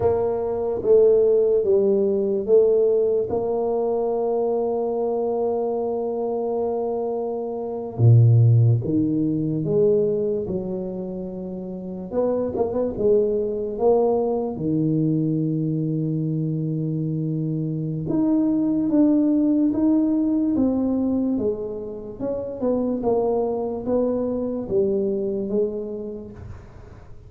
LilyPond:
\new Staff \with { instrumentName = "tuba" } { \time 4/4 \tempo 4 = 73 ais4 a4 g4 a4 | ais1~ | ais4.~ ais16 ais,4 dis4 gis16~ | gis8. fis2 b8 ais16 b16 gis16~ |
gis8. ais4 dis2~ dis16~ | dis2 dis'4 d'4 | dis'4 c'4 gis4 cis'8 b8 | ais4 b4 g4 gis4 | }